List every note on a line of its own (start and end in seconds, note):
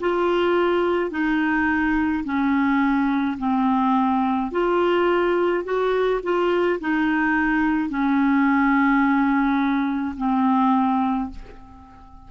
0.00 1.11 F4
1.11 2.24 D#4
2.24 3.38 C#4
3.38 4.51 C4
4.51 5.64 F4
5.64 6.21 F#4
6.23 6.80 F4
6.80 7.89 D#4
7.89 10.16 C#4
10.17 11.30 C4